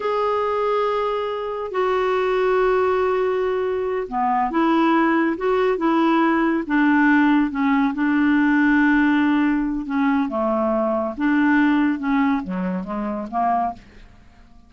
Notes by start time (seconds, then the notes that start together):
0.00 G#4
1.71 F#4
4.08 B3
4.50 E4
5.37 F#4
5.77 E4
6.66 D4
7.51 C#4
7.94 D4
9.86 C#4
10.28 A3
11.17 D4
11.98 C#4
12.43 F#3
12.84 G#3
13.30 A#3